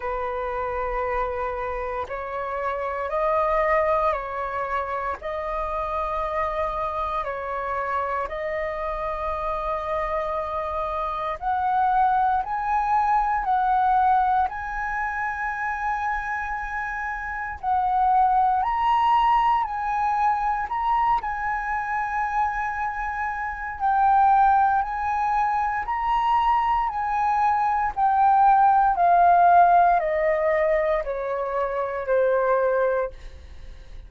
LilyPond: \new Staff \with { instrumentName = "flute" } { \time 4/4 \tempo 4 = 58 b'2 cis''4 dis''4 | cis''4 dis''2 cis''4 | dis''2. fis''4 | gis''4 fis''4 gis''2~ |
gis''4 fis''4 ais''4 gis''4 | ais''8 gis''2~ gis''8 g''4 | gis''4 ais''4 gis''4 g''4 | f''4 dis''4 cis''4 c''4 | }